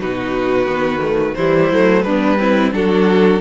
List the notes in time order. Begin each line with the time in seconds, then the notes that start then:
0.00 B2 D#4 F#4 B4
0.66 D#3 B3
0.99 A3
1.35 E3 G3 E4 C5
1.71 F#3 A3
2.03 G3 B3 D4 B4
2.39 C4 E4
2.72 F#3 D4 F#4 A4